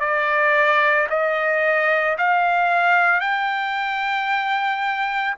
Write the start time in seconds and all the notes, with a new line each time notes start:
0.00 D5
1.10 D#5
2.18 F5
3.20 G5